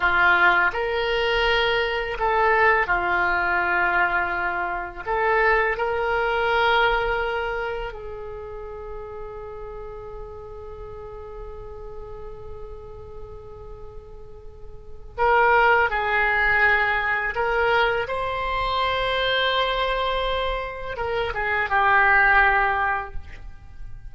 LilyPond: \new Staff \with { instrumentName = "oboe" } { \time 4/4 \tempo 4 = 83 f'4 ais'2 a'4 | f'2. a'4 | ais'2. gis'4~ | gis'1~ |
gis'1~ | gis'4 ais'4 gis'2 | ais'4 c''2.~ | c''4 ais'8 gis'8 g'2 | }